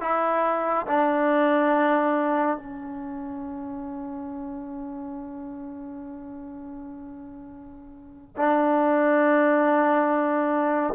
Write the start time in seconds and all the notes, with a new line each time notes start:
0.00 E4
0.86 D4
2.57 C#4
8.36 D4